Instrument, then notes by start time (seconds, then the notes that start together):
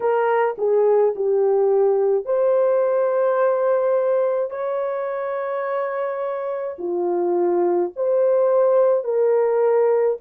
horn
0.00 A#4
0.58 G#4
1.15 G4
2.25 C5
4.50 C#5
6.78 F4
7.96 C5
9.04 A#4